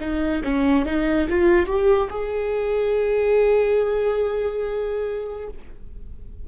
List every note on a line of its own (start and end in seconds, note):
0.00 0.42 D#4
0.44 0.86 C#4
0.86 1.28 D#4
1.29 1.66 F4
1.66 2.09 G4
2.10 5.48 G#4